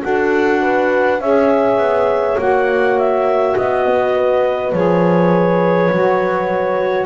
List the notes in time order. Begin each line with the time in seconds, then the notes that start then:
0.00 D4 F#4 A4 F#5
0.62 B4
1.20 C#4 G#4 C#5 E5
1.77 B3
2.38 A#3 F#4 F#5
2.98 E5
3.56 B3 D#5 E5
3.86 B3
4.15 B4
4.72 F3 G#4 C#5
5.90 F#3 F#4